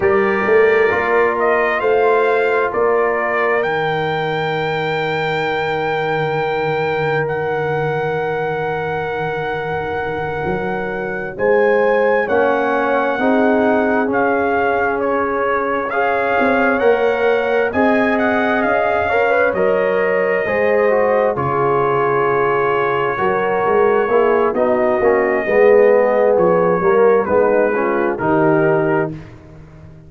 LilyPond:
<<
  \new Staff \with { instrumentName = "trumpet" } { \time 4/4 \tempo 4 = 66 d''4. dis''8 f''4 d''4 | g''1 | fis''1~ | fis''8 gis''4 fis''2 f''8~ |
f''8 cis''4 f''4 fis''4 gis''8 | fis''8 f''4 dis''2 cis''8~ | cis''2. dis''4~ | dis''4 cis''4 b'4 ais'4 | }
  \new Staff \with { instrumentName = "horn" } { \time 4/4 ais'2 c''4 ais'4~ | ais'1~ | ais'1~ | ais'8 c''4 cis''4 gis'4.~ |
gis'4. cis''2 dis''8~ | dis''4 cis''4. c''4 gis'8~ | gis'4. ais'4 gis'8 fis'4 | gis'4. ais'8 dis'8 f'8 g'4 | }
  \new Staff \with { instrumentName = "trombone" } { \time 4/4 g'4 f'2. | dis'1~ | dis'1~ | dis'4. cis'4 dis'4 cis'8~ |
cis'4. gis'4 ais'4 gis'8~ | gis'4 ais'16 b'16 ais'4 gis'8 fis'8 f'8~ | f'4. fis'4 e'8 dis'8 cis'8 | b4. ais8 b8 cis'8 dis'4 | }
  \new Staff \with { instrumentName = "tuba" } { \time 4/4 g8 a8 ais4 a4 ais4 | dis1~ | dis2.~ dis8 fis8~ | fis8 gis4 ais4 c'4 cis'8~ |
cis'2 c'8 ais4 c'8~ | c'8 cis'4 fis4 gis4 cis8~ | cis4. fis8 gis8 ais8 b8 ais8 | gis4 f8 g8 gis4 dis4 | }
>>